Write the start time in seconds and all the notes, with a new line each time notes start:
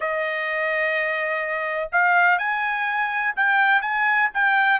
0.00 D#5
1.92 F5
2.38 G#5
3.36 G5
3.81 G#5
4.34 G5